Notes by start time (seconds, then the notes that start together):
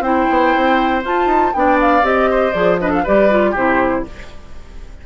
0.00 C4 E4 C5 G5
0.29 B3
0.56 C4
1.03 F4 A5
1.26 D#4
1.53 B3 D4 D5 G5
1.81 F5
2.02 C4 G4 D#5
2.30 C5
2.52 F3 G#4 D5
2.79 D4 B4 D#5
2.89 A4 F5
3.04 G3 G4 B4 D5
3.30 F4
3.51 C3 E4 G4 C5